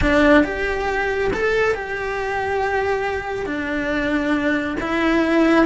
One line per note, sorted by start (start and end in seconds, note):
0.01 0.44 D4
0.44 1.31 G4
1.33 1.74 A4
1.74 3.45 G4
3.45 4.76 D4
4.80 5.66 E4